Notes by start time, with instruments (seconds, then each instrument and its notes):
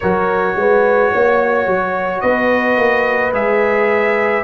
0.00 tuba F#3, trombone F#4, horn A#4, trumpet C#5
0.55 tuba G#3, horn B4
1.12 tuba A#3, horn C#5
1.66 tuba F#3
2.20 tuba B3, horn B4, trumpet D#5
2.77 tuba A#3
3.33 tuba G#3, trombone G#4, trumpet E5